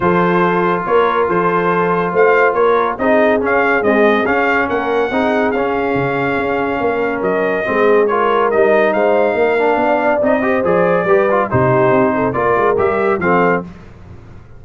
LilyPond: <<
  \new Staff \with { instrumentName = "trumpet" } { \time 4/4 \tempo 4 = 141 c''2 cis''4 c''4~ | c''4 f''4 cis''4 dis''4 | f''4 dis''4 f''4 fis''4~ | fis''4 f''2.~ |
f''4 dis''2 cis''4 | dis''4 f''2. | dis''4 d''2 c''4~ | c''4 d''4 e''4 f''4 | }
  \new Staff \with { instrumentName = "horn" } { \time 4/4 a'2 ais'4 a'4~ | a'4 c''4 ais'4 gis'4~ | gis'2. ais'4 | gis'1 |
ais'2 gis'4 ais'4~ | ais'4 c''4 ais'4 d''4~ | d''8 c''4. b'4 g'4~ | g'8 a'8 ais'2 a'4 | }
  \new Staff \with { instrumentName = "trombone" } { \time 4/4 f'1~ | f'2. dis'4 | cis'4 gis4 cis'2 | dis'4 cis'2.~ |
cis'2 c'4 f'4 | dis'2~ dis'8 d'4. | dis'8 g'8 gis'4 g'8 f'8 dis'4~ | dis'4 f'4 g'4 c'4 | }
  \new Staff \with { instrumentName = "tuba" } { \time 4/4 f2 ais4 f4~ | f4 a4 ais4 c'4 | cis'4 c'4 cis'4 ais4 | c'4 cis'4 cis4 cis'4 |
ais4 fis4 gis2 | g4 gis4 ais4 b4 | c'4 f4 g4 c4 | c'4 ais8 gis8 g4 f4 | }
>>